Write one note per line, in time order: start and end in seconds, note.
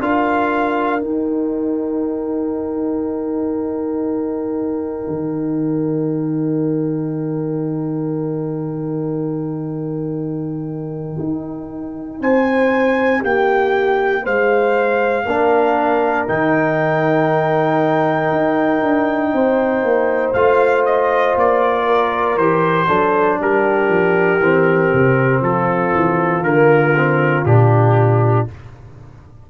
0.00 1.01 D4
0.00 1.00 F4
0.00 12.20 A#4
0.00 1.02 F5
1.00 15.23 D#4
1.00 5.07 D#4
1.00 12.20 G5
5.07 11.17 D#3
11.19 12.20 D#4
12.20 13.21 C4
12.20 13.19 C5
12.20 13.24 G#5
13.19 14.25 A#3
13.19 14.21 G4
13.19 14.25 G5
14.22 15.24 G#3
14.22 15.24 C5
14.22 16.28 F5
15.24 16.26 A#3
15.24 16.27 D4
15.24 19.31 A#4
16.27 18.31 D#3
16.27 20.34 D#4
16.27 20.33 G5
18.31 18.82 D#4
18.82 19.32 D4
19.32 19.82 C4
19.32 21.85 C5
19.82 20.33 A#3
20.33 21.35 A3
20.33 22.38 F4
20.33 20.84 F5
20.85 21.36 D#5
21.35 22.37 A#3
21.35 22.37 D5
21.85 22.87 A#4
22.37 22.87 E3
22.37 22.87 G4
22.37 23.39 C5
22.87 23.39 F#3
22.87 24.39 D4
22.87 23.38 A4
23.39 23.88 G3
23.39 25.43 G4
23.39 25.43 A#4
23.88 24.39 F3
24.39 24.90 E3
24.39 26.43 C4
24.93 25.40 C3
25.40 25.91 F3
25.40 28.50 F4
25.40 26.43 A4
25.94 26.41 E3
26.41 27.43 D3
26.41 26.94 A#3
26.41 27.45 A#4
26.96 27.46 C4
27.44 28.46 A#2
27.44 28.47 D4
27.44 28.47 G4